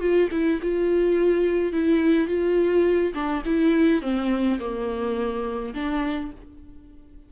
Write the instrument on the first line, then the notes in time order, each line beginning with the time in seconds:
viola
0.00 F4
0.31 E4
0.62 F4
1.72 E4
2.27 F4
3.14 D4
3.45 E4
4.02 C4
4.59 A#3
5.74 D4